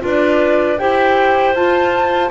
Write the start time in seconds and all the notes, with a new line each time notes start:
0.00 D4 F4 B4 D5
0.78 E4 G4 C5 G5
1.54 F4 A5